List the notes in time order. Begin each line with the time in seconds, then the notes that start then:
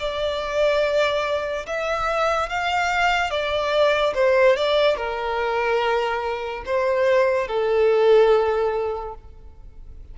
0.00 D5
1.67 E5
2.50 F5
3.31 D5
4.15 C5
4.57 D5
4.97 A#4
6.66 C5
7.48 A4